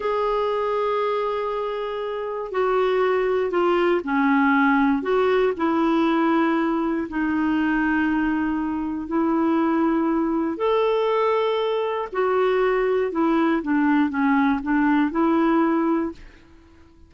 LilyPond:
\new Staff \with { instrumentName = "clarinet" } { \time 4/4 \tempo 4 = 119 gis'1~ | gis'4 fis'2 f'4 | cis'2 fis'4 e'4~ | e'2 dis'2~ |
dis'2 e'2~ | e'4 a'2. | fis'2 e'4 d'4 | cis'4 d'4 e'2 | }